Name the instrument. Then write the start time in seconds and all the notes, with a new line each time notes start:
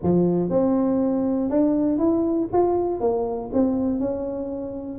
tuba
0.02 F3
0.50 C4
1.50 D4
1.98 E4
2.52 F4
3.00 A#3
3.53 C4
3.99 C#4